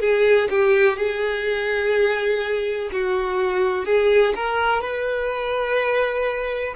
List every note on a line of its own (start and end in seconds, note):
0.00 0.48 G#4
0.50 0.97 G4
0.97 2.90 G#4
2.92 3.85 F#4
3.85 4.34 G#4
4.35 4.81 A#4
4.81 6.74 B4